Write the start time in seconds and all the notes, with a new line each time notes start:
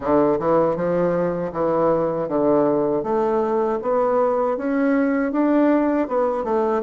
0.00 D3
0.39 E3
0.76 F3
1.52 E3
2.28 D3
3.03 A3
3.81 B3
4.57 C#4
5.32 D4
6.08 B3
6.43 A3